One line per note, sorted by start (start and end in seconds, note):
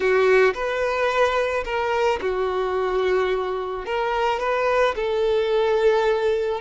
0.00 0.53 F#4
0.54 1.64 B4
1.64 2.19 A#4
2.21 3.85 F#4
3.85 4.39 A#4
4.39 4.94 B4
4.95 6.61 A4